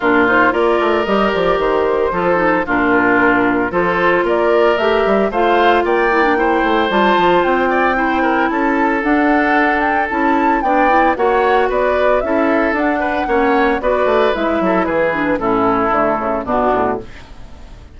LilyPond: <<
  \new Staff \with { instrumentName = "flute" } { \time 4/4 \tempo 4 = 113 ais'8 c''8 d''4 dis''8 d''8 c''4~ | c''4 ais'2 c''4 | d''4 e''4 f''4 g''4~ | g''4 a''4 g''2 |
a''4 fis''4. g''8 a''4 | g''4 fis''4 d''4 e''4 | fis''2 d''4 e''4 | b'4 a'2 fis'4 | }
  \new Staff \with { instrumentName = "oboe" } { \time 4/4 f'4 ais'2. | a'4 f'2 a'4 | ais'2 c''4 d''4 | c''2~ c''8 d''8 c''8 ais'8 |
a'1 | d''4 cis''4 b'4 a'4~ | a'8 b'8 cis''4 b'4. a'8 | gis'4 e'2 d'4 | }
  \new Staff \with { instrumentName = "clarinet" } { \time 4/4 d'8 dis'8 f'4 g'2 | f'8 dis'8 d'2 f'4~ | f'4 g'4 f'4. e'16 d'16 | e'4 f'2 e'4~ |
e'4 d'2 e'4 | d'8 e'8 fis'2 e'4 | d'4 cis'4 fis'4 e'4~ | e'8 d'8 cis'4 a4 b4 | }
  \new Staff \with { instrumentName = "bassoon" } { \time 4/4 ais,4 ais8 a8 g8 f8 dis4 | f4 ais,2 f4 | ais4 a8 g8 a4 ais4~ | ais8 a8 g8 f8 c'2 |
cis'4 d'2 cis'4 | b4 ais4 b4 cis'4 | d'4 ais4 b8 a8 gis8 fis8 | e4 a,4 d8 cis8 b,8 a,8 | }
>>